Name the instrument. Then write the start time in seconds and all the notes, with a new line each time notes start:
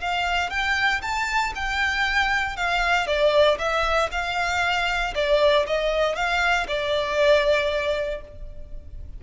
violin
0.00 F5
0.50 G5
1.02 A5
1.55 G5
2.56 F5
3.07 D5
3.58 E5
4.11 F5
5.15 D5
5.67 D#5
6.15 F5
6.67 D5